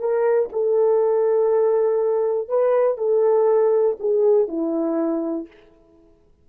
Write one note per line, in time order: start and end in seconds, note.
0.00 0.50 A#4
0.53 2.49 A4
2.49 2.98 B4
2.98 3.97 A4
4.00 4.48 G#4
4.48 5.47 E4